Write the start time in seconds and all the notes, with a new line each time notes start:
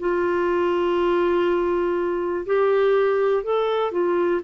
0.00 F4
2.46 G4
3.44 A4
3.92 F4